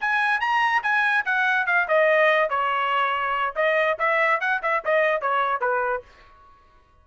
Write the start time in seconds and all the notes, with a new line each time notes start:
0.00 G#5
0.40 A#5
0.83 G#5
1.25 F#5
1.66 F5
1.87 D#5
2.49 C#5
3.55 D#5
3.99 E5
4.40 F#5
4.62 E5
4.84 D#5
5.21 C#5
5.61 B4